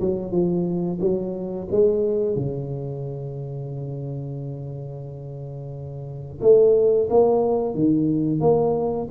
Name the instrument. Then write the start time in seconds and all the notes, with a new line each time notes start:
tuba
0.00 F#3
0.31 F3
1.00 F#3
1.71 G#3
2.35 C#3
6.41 A3
7.10 A#3
7.74 D#3
8.40 A#3